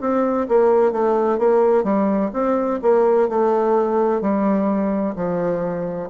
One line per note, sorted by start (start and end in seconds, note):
0.00 0.47 C4
0.48 0.92 A#3
0.92 1.38 A3
1.38 1.83 A#3
1.83 2.30 G3
2.33 2.80 C4
2.82 3.28 A#3
3.28 4.21 A3
4.21 5.14 G3
5.15 6.09 F3